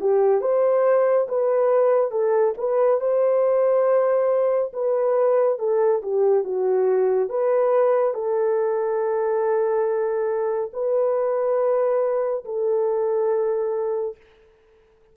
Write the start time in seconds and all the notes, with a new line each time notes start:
0.00 G4
0.41 C5
1.28 B4
2.11 A4
2.58 B4
3.00 C5
4.73 B4
5.59 A4
6.02 G4
6.44 F#4
7.29 B4
8.14 A4
10.73 B4
12.45 A4